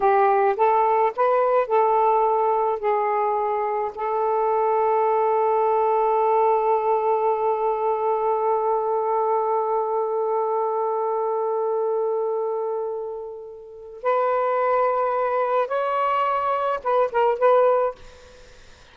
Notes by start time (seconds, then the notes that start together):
0.00 G4
0.56 A4
1.16 B4
1.67 A4
2.79 G#4
3.94 A4
14.02 B4
15.67 C#5
16.83 B4
17.11 A#4
17.39 B4